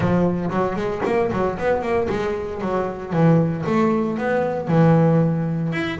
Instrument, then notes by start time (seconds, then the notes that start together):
double bass
0.00 F3
0.50 F#3
0.75 G#3
1.05 A#3
1.32 F#3
1.58 B3
1.81 A#3
2.09 G#3
2.61 F#3
3.12 E3
3.66 A3
4.18 B3
4.67 E3
5.72 E4